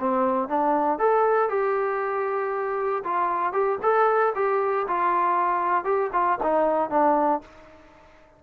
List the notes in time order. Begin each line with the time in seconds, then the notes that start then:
0.00 C4
0.49 D4
0.99 A4
1.50 G4
3.04 F4
3.53 G4
3.83 A4
4.36 G4
4.88 F4
5.85 G4
6.13 F4
6.43 D#4
6.90 D4